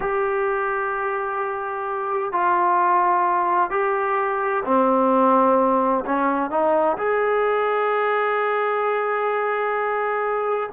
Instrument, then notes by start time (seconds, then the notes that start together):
trombone
0.00 G4
2.32 F4
3.70 G4
4.64 C4
6.05 C#4
6.50 D#4
6.97 G#4